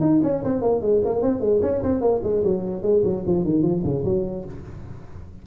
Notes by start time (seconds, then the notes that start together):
0.00 D#4
0.23 C#4
0.43 C4
0.61 A#3
0.81 G#3
1.04 A#3
1.22 C4
1.40 G#3
1.62 C#4
1.82 C4
2.01 A#3
2.23 G#3
2.44 F#3
2.82 G#3
3.04 F#3
3.26 F3
3.44 D#3
3.62 F3
3.84 C#3
4.04 F#3